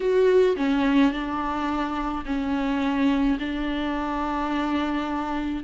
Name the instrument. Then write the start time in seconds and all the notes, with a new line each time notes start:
viola
0.00 F#4
0.56 C#4
1.12 D4
2.25 C#4
3.39 D4